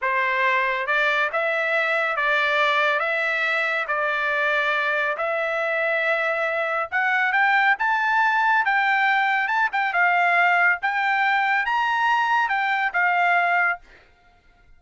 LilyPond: \new Staff \with { instrumentName = "trumpet" } { \time 4/4 \tempo 4 = 139 c''2 d''4 e''4~ | e''4 d''2 e''4~ | e''4 d''2. | e''1 |
fis''4 g''4 a''2 | g''2 a''8 g''8 f''4~ | f''4 g''2 ais''4~ | ais''4 g''4 f''2 | }